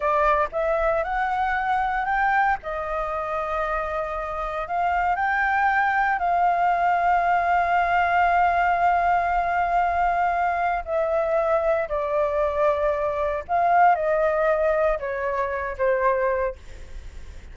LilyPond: \new Staff \with { instrumentName = "flute" } { \time 4/4 \tempo 4 = 116 d''4 e''4 fis''2 | g''4 dis''2.~ | dis''4 f''4 g''2 | f''1~ |
f''1~ | f''4 e''2 d''4~ | d''2 f''4 dis''4~ | dis''4 cis''4. c''4. | }